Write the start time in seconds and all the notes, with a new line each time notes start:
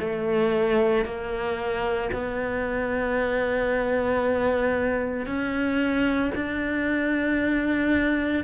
0.00 A3
1.05 A#3
2.13 B3
5.26 C#4
6.35 D4